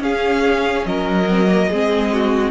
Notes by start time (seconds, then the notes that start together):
0.00 C#4 G#4 F5
0.86 F#3 A#4 D#5
1.30 C4
1.46 A#3
1.70 G#3 C4 G#4
2.13 F#4